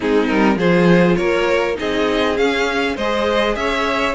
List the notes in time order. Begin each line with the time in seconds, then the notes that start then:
0.00 G#3 C4 D#4 G#4
0.28 G3 A#4
0.55 F3 F4 G#4 C5
1.16 A#3 A#4 C#5
1.75 C4 D#4 G#4 D#5
2.36 C#4 F5
2.95 G#3 G#4 C5 D#5
3.55 C#4 C#5 E5